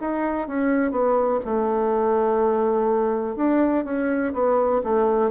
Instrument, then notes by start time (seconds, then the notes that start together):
bassoon
0.00 D#4
0.48 C#4
0.91 B3
1.45 A3
3.36 D4
3.84 C#4
4.33 B3
4.83 A3